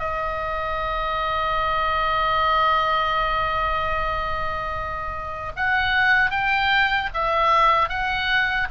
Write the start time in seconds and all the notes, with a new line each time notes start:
0.00 D#5
5.57 F#5
6.31 G5
7.14 E5
7.89 F#5